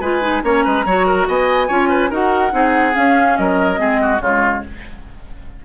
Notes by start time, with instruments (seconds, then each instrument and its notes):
0.00 bassoon G#3, clarinet F4, oboe B4, flute G#5
0.21 clarinet D#4
0.43 bassoon A#3, clarinet C#4, oboe C#5, flute A#5
0.64 bassoon G#3, oboe B4
0.85 bassoon F#3, clarinet F#4, oboe C#5
1.06 oboe A#4
1.28 bassoon B3, oboe D#5, flute G#5
1.68 bassoon C#4, clarinet F4, oboe C#5
1.89 oboe B4
2.10 bassoon D#4, clarinet F#4, oboe A#4, flute F#5
2.51 bassoon C4, clarinet D#4, oboe G#4
2.94 clarinet C#4, bassoon C#4, flute F5
3.37 bassoon F#3, oboe A#4, flute D#5
3.76 bassoon G#3, clarinet C4, oboe G#4
4.01 oboe F#4
4.21 bassoon C#3, clarinet G#3, oboe F4, flute C#5